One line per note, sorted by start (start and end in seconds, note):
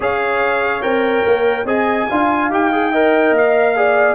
0.00 0.83 C#4
0.00 0.82 G#4
0.00 1.66 C#5
0.00 0.82 F5
0.82 1.24 C4
0.82 1.65 A#4
0.82 1.65 G5
1.26 1.65 A#3
1.65 2.06 C4
1.65 2.07 G#4
1.65 2.07 D#5
1.65 2.50 G#5
2.09 2.49 D4
2.09 2.50 F4
2.09 2.91 F5
2.49 3.31 D#4
2.49 2.71 G4
2.49 3.36 G5
2.72 2.92 G#4
2.91 3.76 A#4
2.91 3.75 D#5
3.31 4.14 A#3
3.37 4.15 F5
3.76 4.15 G#4
3.76 4.15 D5